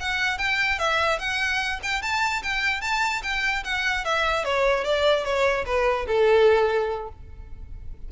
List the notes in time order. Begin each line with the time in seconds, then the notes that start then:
0.00 F#5
0.38 G5
0.79 E5
1.19 F#5
1.83 G5
2.02 A5
2.43 G5
2.81 A5
3.23 G5
3.64 F#5
4.05 E5
4.44 C#5
4.84 D5
5.24 C#5
5.66 B4
6.07 A4